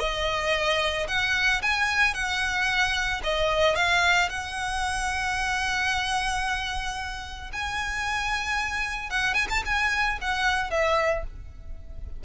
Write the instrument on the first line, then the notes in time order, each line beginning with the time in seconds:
violin
0.00 D#5
1.08 F#5
1.62 G#5
2.15 F#5
3.24 D#5
3.76 F5
4.30 F#5
7.53 G#5
9.10 F#5
9.34 G#5
9.50 A5
9.66 G#5
10.22 F#5
10.71 E5